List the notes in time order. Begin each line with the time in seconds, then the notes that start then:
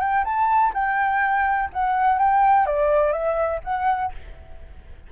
0.00 G5
0.24 A5
0.74 G5
1.73 F#5
2.18 G5
2.66 D5
3.12 E5
3.64 F#5